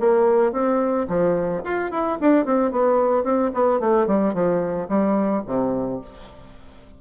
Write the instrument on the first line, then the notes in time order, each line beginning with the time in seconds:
bassoon
0.00 A#3
0.53 C4
1.09 F3
1.64 F4
1.91 E4
2.21 D4
2.46 C4
2.72 B3
3.24 C4
3.54 B3
3.80 A3
4.07 G3
4.34 F3
4.89 G3
5.47 C3